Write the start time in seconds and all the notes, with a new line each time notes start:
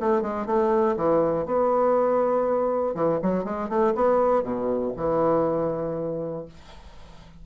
0.00 A3
0.22 G#3
0.46 A3
0.96 E3
1.46 B3
2.94 E3
3.22 F#3
3.44 G#3
3.69 A3
3.95 B3
4.43 B2
4.96 E3